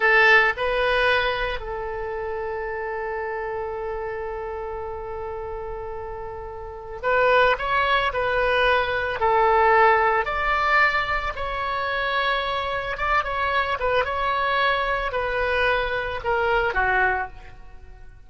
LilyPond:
\new Staff \with { instrumentName = "oboe" } { \time 4/4 \tempo 4 = 111 a'4 b'2 a'4~ | a'1~ | a'1~ | a'4 b'4 cis''4 b'4~ |
b'4 a'2 d''4~ | d''4 cis''2. | d''8 cis''4 b'8 cis''2 | b'2 ais'4 fis'4 | }